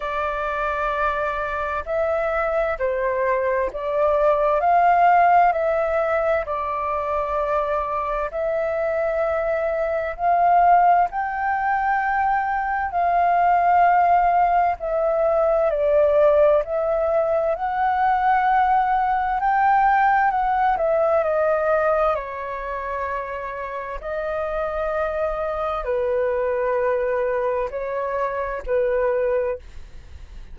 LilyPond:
\new Staff \with { instrumentName = "flute" } { \time 4/4 \tempo 4 = 65 d''2 e''4 c''4 | d''4 f''4 e''4 d''4~ | d''4 e''2 f''4 | g''2 f''2 |
e''4 d''4 e''4 fis''4~ | fis''4 g''4 fis''8 e''8 dis''4 | cis''2 dis''2 | b'2 cis''4 b'4 | }